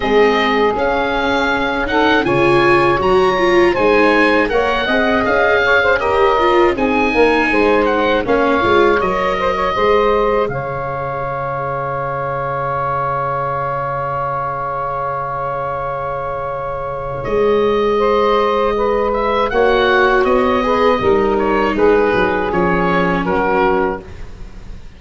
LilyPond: <<
  \new Staff \with { instrumentName = "oboe" } { \time 4/4 \tempo 4 = 80 dis''4 f''4. fis''8 gis''4 | ais''4 gis''4 fis''4 f''4 | dis''4 gis''4. fis''8 f''4 | dis''2 f''2~ |
f''1~ | f''2. dis''4~ | dis''4. e''8 fis''4 dis''4~ | dis''8 cis''8 b'4 cis''4 ais'4 | }
  \new Staff \with { instrumentName = "saxophone" } { \time 4/4 gis'2~ gis'8 a'8 cis''4~ | cis''4 c''4 cis''8 dis''4 cis''16 c''16 | ais'4 gis'8 ais'8 c''4 cis''4~ | cis''8 c''16 cis''16 c''4 cis''2~ |
cis''1~ | cis''1 | c''4 b'4 cis''4. b'8 | ais'4 gis'2 fis'4 | }
  \new Staff \with { instrumentName = "viola" } { \time 4/4 c'4 cis'4. dis'8 f'4 | fis'8 f'8 dis'4 ais'8 gis'4. | g'8 f'8 dis'2 cis'8 f'8 | ais'4 gis'2.~ |
gis'1~ | gis'1~ | gis'2 fis'4. gis'8 | dis'2 cis'2 | }
  \new Staff \with { instrumentName = "tuba" } { \time 4/4 gis4 cis'2 cis4 | fis4 gis4 ais8 c'8 cis'4~ | cis'4 c'8 ais8 gis4 ais8 gis8 | fis4 gis4 cis2~ |
cis1~ | cis2. gis4~ | gis2 ais4 b4 | g4 gis8 fis8 f4 fis4 | }
>>